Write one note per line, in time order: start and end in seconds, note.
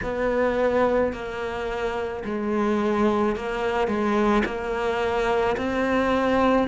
0.03 1.12 B3
1.12 2.23 A#3
2.24 3.35 G#3
3.35 3.87 A#3
3.87 4.42 G#3
4.45 5.56 A#3
5.57 6.68 C4